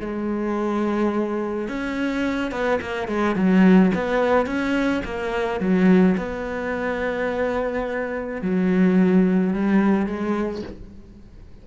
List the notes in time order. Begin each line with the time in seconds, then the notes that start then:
0.00 G#3
1.68 C#4
2.51 B3
2.81 A#3
3.07 G#3
3.35 F#3
3.94 B3
4.46 C#4
5.04 A#3
5.60 F#3
6.17 B3
8.41 F#3
9.53 G3
10.06 G#3